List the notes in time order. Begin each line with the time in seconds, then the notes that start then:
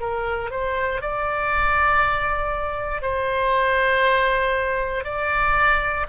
0.00 A#4
0.51 C5
1.02 D5
3.02 C5
5.04 D5